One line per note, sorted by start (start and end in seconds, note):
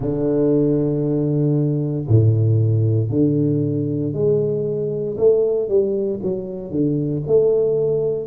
0.00 2.06 D3
2.08 3.09 A2
3.09 4.13 D3
4.13 5.16 G#3
5.17 5.68 A3
5.68 6.20 G3
6.22 6.71 F#3
6.71 7.22 D3
7.26 8.26 A3